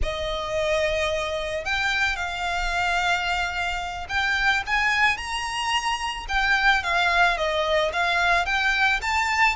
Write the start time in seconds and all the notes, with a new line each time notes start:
0.02 D#5
1.64 G5
2.15 F5
4.08 G5
4.66 G#5
5.17 A#5
6.28 G5
6.83 F5
7.37 D#5
7.92 F5
8.45 G5
9.01 A5